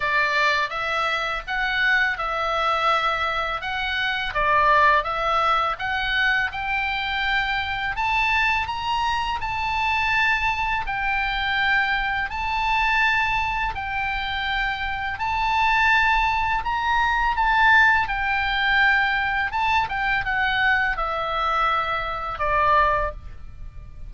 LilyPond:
\new Staff \with { instrumentName = "oboe" } { \time 4/4 \tempo 4 = 83 d''4 e''4 fis''4 e''4~ | e''4 fis''4 d''4 e''4 | fis''4 g''2 a''4 | ais''4 a''2 g''4~ |
g''4 a''2 g''4~ | g''4 a''2 ais''4 | a''4 g''2 a''8 g''8 | fis''4 e''2 d''4 | }